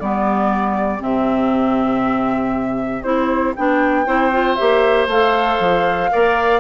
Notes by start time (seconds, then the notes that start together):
0.00 G3 B3 G4 D5
0.99 C3 C4 E5
3.03 C4 E4 C5
3.56 B3 D4 G5
4.06 C4 E4 C5
4.32 F4
4.55 A#3 G4 E5
5.07 A3 A4 F5
5.59 F3
6.11 A#3 A#4 D5